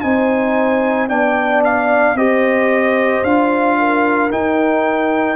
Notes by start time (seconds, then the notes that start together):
0.00 C4 D#4 C5 G#5
1.08 B3 D4 D5 G5
1.64 F5
2.14 C4 G4 C5 D#5
3.23 D4 F4 F5
3.78 A#4
4.30 D#4 G5